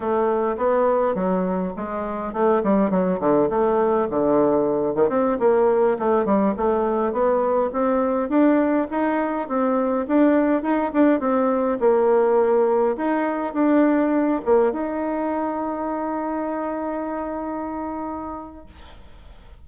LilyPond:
\new Staff \with { instrumentName = "bassoon" } { \time 4/4 \tempo 4 = 103 a4 b4 fis4 gis4 | a8 g8 fis8 d8 a4 d4~ | d8 dis16 c'8 ais4 a8 g8 a8.~ | a16 b4 c'4 d'4 dis'8.~ |
dis'16 c'4 d'4 dis'8 d'8 c'8.~ | c'16 ais2 dis'4 d'8.~ | d'8. ais8 dis'2~ dis'8.~ | dis'1 | }